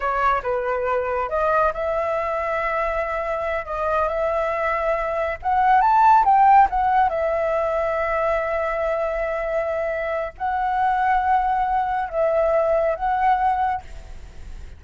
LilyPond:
\new Staff \with { instrumentName = "flute" } { \time 4/4 \tempo 4 = 139 cis''4 b'2 dis''4 | e''1~ | e''8 dis''4 e''2~ e''8~ | e''8 fis''4 a''4 g''4 fis''8~ |
fis''8 e''2.~ e''8~ | e''1 | fis''1 | e''2 fis''2 | }